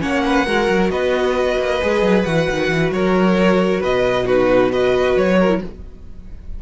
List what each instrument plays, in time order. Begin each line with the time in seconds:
0.00 cello A#3, viola C#4, violin C#5 F#5
0.26 violin B4
0.46 cello G#3, viola F#4, violin A#4
0.69 cello F#3
0.90 cello B3, violin B4 D#5
1.59 cello A#3
1.82 cello G#3, viola G#4
2.02 cello F#3
2.23 cello E3, viola F#4, violin F#5
2.50 cello D#3
2.69 cello E3
2.92 cello F#3, violin A#4 C#5
3.80 cello B2, violin B4 D#5
4.26 viola D#4, violin F#4 B4
4.70 viola F#4, violin B4 D#5
5.16 cello F#3, violin C#5
5.39 violin A#4
5.48 viola E4